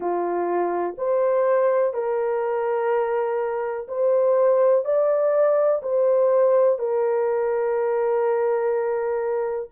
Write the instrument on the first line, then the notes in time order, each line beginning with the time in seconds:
horn
0.00 F4
0.97 C5
1.94 A#4
3.88 C5
4.84 D5
5.82 C5
6.78 A#4